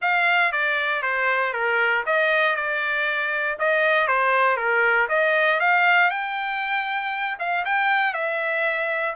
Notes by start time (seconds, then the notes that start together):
0.01 F5
0.52 D5
1.02 C5
1.53 A#4
2.06 D#5
2.55 D5
3.58 D#5
4.07 C5
4.56 A#4
5.08 D#5
5.59 F5
6.10 G5
7.39 F5
7.65 G5
8.13 E5